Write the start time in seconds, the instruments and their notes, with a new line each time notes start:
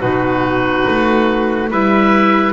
0.00 double bass B2, clarinet D#4, trumpet F#4, oboe B4
0.87 double bass A3
1.70 double bass G3, clarinet E4, trumpet B4, oboe E5